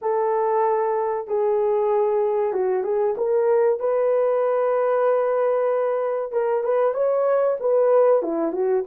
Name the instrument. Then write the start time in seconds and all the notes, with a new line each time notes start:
horn
0.01 A4
1.27 G#4
2.52 F#4
2.83 G#4
3.17 A#4
3.79 B4
6.32 A#4
6.63 B4
6.94 C#5
7.60 B4
8.22 E4
8.52 F#4